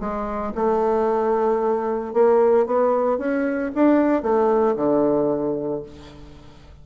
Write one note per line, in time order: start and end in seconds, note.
0.00 0.53 G#3
0.55 2.14 A3
2.14 2.66 A#3
2.66 3.19 B3
3.19 3.72 C#4
3.75 4.23 D4
4.23 4.76 A3
4.77 5.83 D3